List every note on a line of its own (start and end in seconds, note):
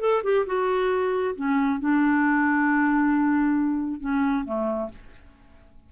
0.00 0.22 A4
0.23 0.45 G4
0.46 1.35 F#4
1.35 1.79 C#4
1.79 4.00 D4
4.00 4.44 C#4
4.45 4.89 A3